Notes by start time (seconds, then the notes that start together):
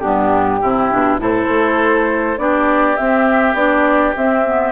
0.00 G2 B3 D4 G4
0.62 C3 C4 E4
0.91 B2 D4
1.19 A2 E4 A4 C5
1.49 A3
2.38 B3 D4 G4 D5
2.97 C4 E5
3.54 B3 D4 D5
4.17 C4 E5
4.45 B3